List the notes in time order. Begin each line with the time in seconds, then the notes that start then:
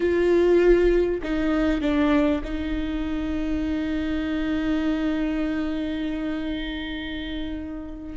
0.00 F4
1.22 D#4
1.81 D4
2.44 D#4